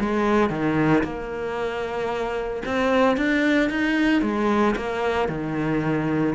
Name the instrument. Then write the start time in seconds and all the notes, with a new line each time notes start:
cello
0.00 G#3
0.50 D#3
1.04 A#3
2.66 C4
3.17 D4
3.70 D#4
4.22 G#3
4.76 A#3
5.29 D#3